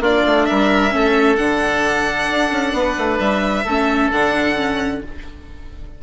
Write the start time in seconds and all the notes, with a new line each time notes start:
0.00 A#3 D4 F4 D5
0.25 A3
0.46 G3 A#4 E5
0.90 A3 C#4 A4
1.36 D3 D4 F#5
2.31 D4
2.51 C#4
2.73 B3 B4
2.98 A3
3.19 G3 E5
3.65 A3 C#4 A4
4.11 D3 D4 F#5
4.56 C#4